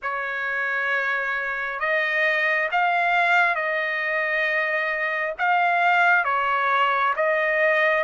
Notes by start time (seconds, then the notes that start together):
0.02 C#5
1.79 D#5
2.71 F5
3.55 D#5
5.38 F5
6.24 C#5
7.16 D#5